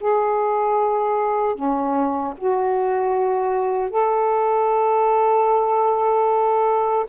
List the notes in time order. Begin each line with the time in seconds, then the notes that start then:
0.00 G#4
1.55 C#4
2.38 F#4
3.90 A4